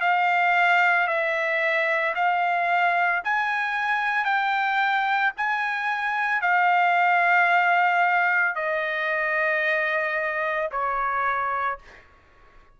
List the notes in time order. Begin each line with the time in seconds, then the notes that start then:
0.00 F5
1.07 E5
2.15 F5
3.24 G#5
4.24 G5
5.37 G#5
6.41 F5
8.55 D#5
10.71 C#5